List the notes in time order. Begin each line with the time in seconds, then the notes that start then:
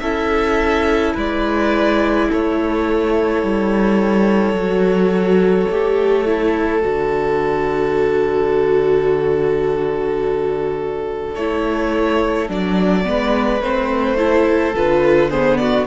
0.00 C#4 E4 A4 E5
1.15 G#3 B4 D5
2.29 A3 A4 C#5
3.43 G3
4.53 F#3 F#4
5.71 A3 G4
6.26 E4
6.82 D3 F#4 D5
11.35 A3 E4 C#5
12.49 F#3 D4 D5
13.04 G#3 B3 B4
13.62 A3 C4 C5
14.17 E4 A4
14.75 D3 F4 B4
15.30 B3 G#4 C5
15.58 F#4 D5